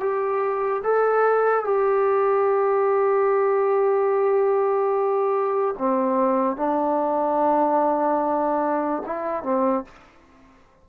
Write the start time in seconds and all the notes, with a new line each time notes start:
0.00 G4
0.83 A4
1.64 G4
5.78 C4
6.56 D4
9.06 E4
9.43 C4